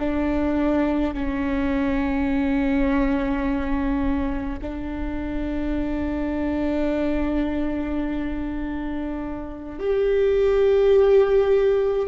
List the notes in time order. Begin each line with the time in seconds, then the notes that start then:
0.00 D4
1.14 C#4
4.62 D4
9.80 G4